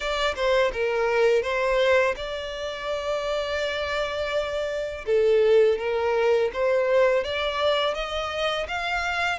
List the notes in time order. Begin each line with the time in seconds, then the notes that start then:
0.00 D5
0.35 C5
0.72 A#4
1.42 C5
2.16 D5
5.06 A4
5.78 A#4
6.53 C5
7.24 D5
7.94 D#5
8.67 F5